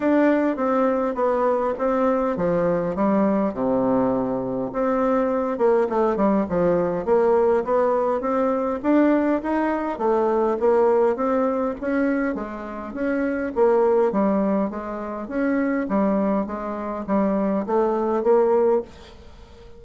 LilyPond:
\new Staff \with { instrumentName = "bassoon" } { \time 4/4 \tempo 4 = 102 d'4 c'4 b4 c'4 | f4 g4 c2 | c'4. ais8 a8 g8 f4 | ais4 b4 c'4 d'4 |
dis'4 a4 ais4 c'4 | cis'4 gis4 cis'4 ais4 | g4 gis4 cis'4 g4 | gis4 g4 a4 ais4 | }